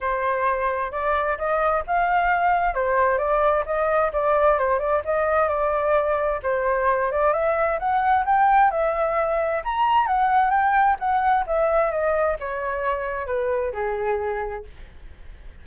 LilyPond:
\new Staff \with { instrumentName = "flute" } { \time 4/4 \tempo 4 = 131 c''2 d''4 dis''4 | f''2 c''4 d''4 | dis''4 d''4 c''8 d''8 dis''4 | d''2 c''4. d''8 |
e''4 fis''4 g''4 e''4~ | e''4 ais''4 fis''4 g''4 | fis''4 e''4 dis''4 cis''4~ | cis''4 b'4 gis'2 | }